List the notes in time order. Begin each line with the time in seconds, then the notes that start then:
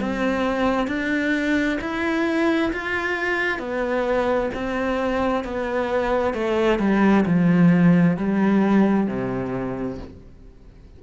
0.00 C4
0.87 D4
1.81 E4
2.72 F4
3.59 B3
4.54 C4
5.44 B3
6.33 A3
6.79 G3
7.26 F3
8.17 G3
9.07 C3